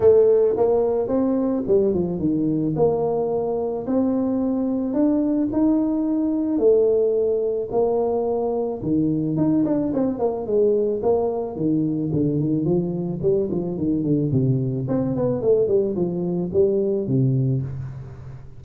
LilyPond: \new Staff \with { instrumentName = "tuba" } { \time 4/4 \tempo 4 = 109 a4 ais4 c'4 g8 f8 | dis4 ais2 c'4~ | c'4 d'4 dis'2 | a2 ais2 |
dis4 dis'8 d'8 c'8 ais8 gis4 | ais4 dis4 d8 dis8 f4 | g8 f8 dis8 d8 c4 c'8 b8 | a8 g8 f4 g4 c4 | }